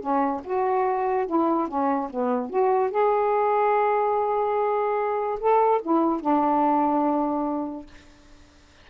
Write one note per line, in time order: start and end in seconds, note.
0.00 0.41 C#4
0.44 1.27 F#4
1.27 1.68 E4
1.68 2.10 C#4
2.10 2.50 B3
2.50 2.91 F#4
2.91 5.39 G#4
5.40 5.82 A4
5.82 6.21 E4
6.21 7.86 D4